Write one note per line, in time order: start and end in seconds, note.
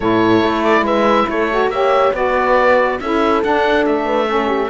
0.00 0.43 A2
0.00 1.50 E4
0.00 0.84 A4
0.00 0.63 C#5
0.43 0.81 A3
0.63 0.85 D5
0.81 1.24 G#3
0.81 1.27 B4
0.81 1.29 E5
1.28 1.67 A3
1.28 1.72 A4
1.28 1.70 C#5
1.50 1.72 F#4
1.67 2.10 A#3
1.67 2.13 G4
1.67 2.14 C#5
1.67 2.13 E5
2.13 2.99 B3
2.13 2.98 F#4
2.13 2.99 B4
2.13 3.00 D5
3.00 3.43 C#4
3.00 3.43 E4
3.00 4.05 A4
3.00 3.42 E5
3.43 4.26 D4
3.43 3.86 D4
3.43 3.85 F#5
3.85 4.69 A3
3.85 4.69 E5
4.05 4.26 B4
4.26 4.69 C#4
4.26 4.47 A4
4.47 4.68 G4